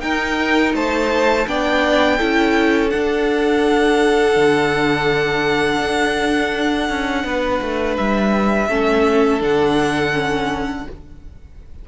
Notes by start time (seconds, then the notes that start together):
0.00 D#4 A#4 G5
0.74 A3 C5 A5
1.47 B3 D4 D5 G5
2.18 C#4 E4 A4
2.90 D4 F#5
4.36 D3
5.81 D4
6.90 C#4
7.24 B3 B4
7.62 A3
7.97 G3 E5
8.69 A3 C#4 A4
9.39 D3 D4 F#5
10.13 C#4